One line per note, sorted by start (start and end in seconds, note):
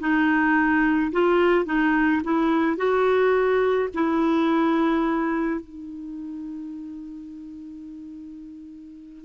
0.00 1.12 D#4
1.12 1.66 F4
1.66 2.22 D#4
2.24 2.77 E4
2.77 3.89 F#4
3.95 5.61 E4
5.61 9.25 D#4